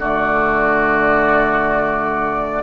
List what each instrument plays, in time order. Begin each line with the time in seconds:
0.00 bassoon D3, clarinet A3, oboe F#4, flute D5